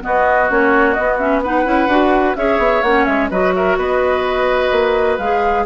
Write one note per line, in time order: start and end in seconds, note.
0.00 0.47 B3
0.00 0.50 B3
0.00 1.43 F#4
0.00 0.50 D#5
0.49 0.96 A#3
0.49 0.96 C#4
0.49 0.92 C#5
0.92 1.19 B3
0.92 1.66 B3
0.92 1.16 D#5
1.18 1.42 C#4
1.18 1.41 E5
1.43 1.64 D#4
1.43 2.36 B4
1.43 2.35 F#5
1.64 1.87 C#4
1.64 1.88 E4
1.87 2.34 D4
1.87 2.36 F#4
2.35 2.58 C#4
2.35 2.83 G#4
2.35 3.30 C#5
2.35 2.82 E5
2.58 2.81 B3
2.82 3.06 A#3
2.82 3.31 C#4
2.82 3.05 F#5
3.05 3.30 G#3
3.05 3.28 E5
3.30 3.77 F#3
3.30 5.18 F#4
3.30 3.53 B4
3.30 3.53 D#5
3.54 3.77 A#4
3.54 3.77 E5
3.77 4.70 B3
3.77 5.65 B4
3.77 5.18 D#5
4.71 5.18 A#3
5.18 5.65 G#3
5.18 5.65 G#4
5.18 5.65 F5